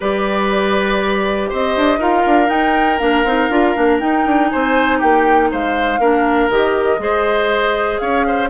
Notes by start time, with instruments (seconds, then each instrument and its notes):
0.00 bassoon G3, clarinet G4, oboe B4, flute D5
1.49 bassoon C4, oboe C5, flute D#5
1.76 bassoon D4
1.98 bassoon D#4, clarinet F4, oboe A#4, flute F5
2.26 bassoon D4
2.46 clarinet D#4, bassoon D#4, flute G5
2.99 bassoon A#3, clarinet D4, flute F5
3.24 bassoon C4, clarinet D#4
3.49 bassoon D4, clarinet F4
3.75 bassoon A#3, clarinet D4
3.99 clarinet D#4, bassoon D#4, flute G5
4.25 bassoon D4
4.49 bassoon C4, oboe C5, flute G#5
4.98 bassoon A#3, oboe G4, flute G5
5.51 bassoon G#3, oboe C5, flute F5
5.98 bassoon A#3, clarinet D4, oboe A#4
6.49 bassoon D#3, clarinet G4, flute D#5
6.98 bassoon G#3, clarinet G#4, oboe C5
7.98 bassoon C#4, oboe C#5, flute F5
8.27 oboe C5